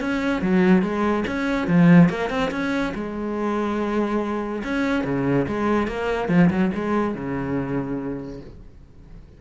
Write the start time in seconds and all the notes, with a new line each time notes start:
0.00 C#4
0.42 F#3
0.82 G#3
1.27 C#4
1.68 F3
2.10 A#3
2.30 C4
2.51 C#4
2.95 G#3
4.64 C#4
5.04 C#3
5.48 G#3
5.87 A#3
6.29 F3
6.50 F#3
6.74 G#3
7.15 C#3